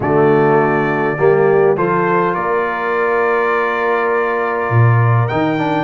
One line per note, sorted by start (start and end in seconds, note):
0.00 1.17 D3
0.00 1.17 A3
0.00 1.18 F#4
0.00 1.76 D5
1.17 1.77 G3
1.17 1.76 A#3
1.17 1.76 G4
1.76 2.35 F3
1.76 5.29 F4
1.76 2.34 A4
1.76 2.34 C5
2.34 4.69 A#3
2.34 5.84 A#4
2.34 5.28 D5
4.69 5.28 A#2
5.28 5.84 D#3
5.28 5.58 D#4
5.28 5.84 G5
5.58 5.84 D4